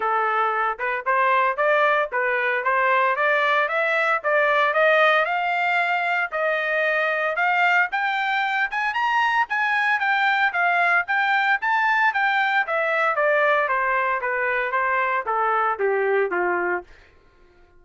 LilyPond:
\new Staff \with { instrumentName = "trumpet" } { \time 4/4 \tempo 4 = 114 a'4. b'8 c''4 d''4 | b'4 c''4 d''4 e''4 | d''4 dis''4 f''2 | dis''2 f''4 g''4~ |
g''8 gis''8 ais''4 gis''4 g''4 | f''4 g''4 a''4 g''4 | e''4 d''4 c''4 b'4 | c''4 a'4 g'4 f'4 | }